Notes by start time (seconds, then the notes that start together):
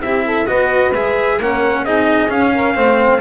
0.00 C4 E4 G4 E5
0.25 A4
0.46 B3 F#4 B4 D#5
0.94 G#3 G#4 E5
1.38 A#3 C#4 A#4 F#5
1.84 C4 D#4 G#4 D#5
2.29 C#4 F5
2.54 A#4
2.75 A3 C4 C5